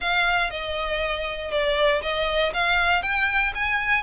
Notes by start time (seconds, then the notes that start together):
0.00 F5
0.50 D#5
1.51 D5
2.01 D#5
2.53 F5
3.02 G5
3.54 G#5